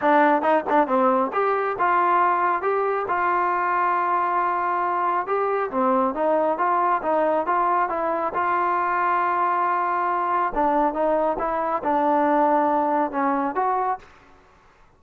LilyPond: \new Staff \with { instrumentName = "trombone" } { \time 4/4 \tempo 4 = 137 d'4 dis'8 d'8 c'4 g'4 | f'2 g'4 f'4~ | f'1 | g'4 c'4 dis'4 f'4 |
dis'4 f'4 e'4 f'4~ | f'1 | d'4 dis'4 e'4 d'4~ | d'2 cis'4 fis'4 | }